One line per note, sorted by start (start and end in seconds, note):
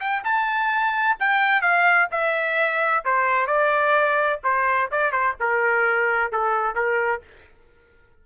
0.00 0.23 G5
0.24 1.17 A5
1.20 1.61 G5
1.61 2.08 F5
2.11 3.04 E5
3.05 3.47 C5
3.47 4.40 D5
4.44 4.90 C5
4.91 5.12 D5
5.12 5.35 C5
5.40 6.32 A#4
6.32 6.75 A4
6.75 7.22 A#4